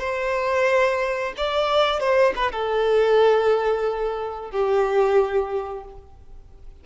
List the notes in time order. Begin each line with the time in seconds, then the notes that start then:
0.00 C5
1.37 D5
2.00 C5
2.36 B4
2.52 A4
4.51 G4